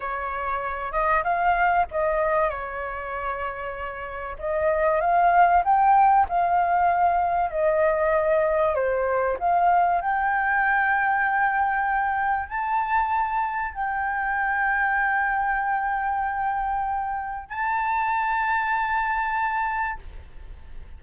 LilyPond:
\new Staff \with { instrumentName = "flute" } { \time 4/4 \tempo 4 = 96 cis''4. dis''8 f''4 dis''4 | cis''2. dis''4 | f''4 g''4 f''2 | dis''2 c''4 f''4 |
g''1 | a''2 g''2~ | g''1 | a''1 | }